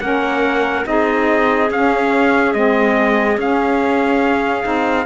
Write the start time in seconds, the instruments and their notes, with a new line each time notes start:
0.00 cello A#3, saxophone C#4, clarinet A#4, trumpet F#5
0.84 cello C4, saxophone D#4, clarinet G#4, trumpet D#5
1.71 cello C#4, saxophone C#4, trumpet F5
2.54 cello G#3, saxophone C4, trumpet D#5
3.38 cello C#4, saxophone C#4, trumpet F5
4.64 cello C4, saxophone D#4